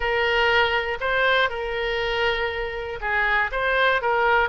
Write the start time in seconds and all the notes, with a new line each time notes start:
0.00 A#4
1.00 C5
1.49 A#4
3.00 G#4
3.51 C5
4.01 A#4